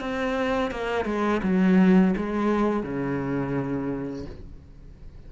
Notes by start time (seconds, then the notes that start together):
0.00 C4
0.71 A#3
1.05 G#3
1.43 F#3
2.16 G#3
2.82 C#3